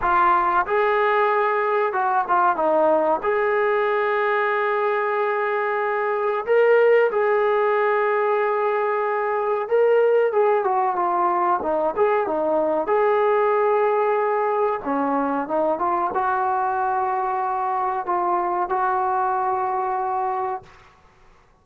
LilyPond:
\new Staff \with { instrumentName = "trombone" } { \time 4/4 \tempo 4 = 93 f'4 gis'2 fis'8 f'8 | dis'4 gis'2.~ | gis'2 ais'4 gis'4~ | gis'2. ais'4 |
gis'8 fis'8 f'4 dis'8 gis'8 dis'4 | gis'2. cis'4 | dis'8 f'8 fis'2. | f'4 fis'2. | }